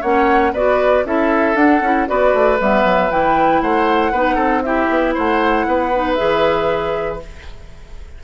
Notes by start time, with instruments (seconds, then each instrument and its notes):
0.00 bassoon A#3, clarinet C#4, oboe C#5, flute F#5
0.53 bassoon B3, clarinet F#4, oboe B4, flute D5
1.04 bassoon C#4, clarinet E4, oboe A4, flute E5
1.54 bassoon D4, clarinet D4, flute F#5
1.80 bassoon C#4, clarinet E4
2.07 bassoon B3, clarinet F#4, oboe B4, flute D5
2.33 bassoon A3
2.60 bassoon G3, clarinet B3, flute E5
2.84 bassoon F#3
3.11 bassoon E3, clarinet E4, flute G5
3.61 bassoon A3, oboe C5, flute F#5
4.11 bassoon B3, clarinet D#4, oboe B4
4.35 bassoon C4, oboe A4
4.62 clarinet E4, oboe G4, flute E5
4.89 bassoon B3
5.14 bassoon A3, oboe C5, flute F#5
5.66 bassoon B3, oboe B4
5.93 clarinet D#4
6.13 clarinet G#4, flute E5
6.20 bassoon E3